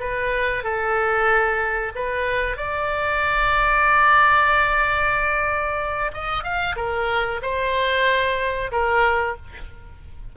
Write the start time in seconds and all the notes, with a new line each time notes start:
0.00 B4
0.63 A4
1.95 B4
2.57 D5
6.13 D#5
6.43 F5
6.76 A#4
7.42 C5
8.72 A#4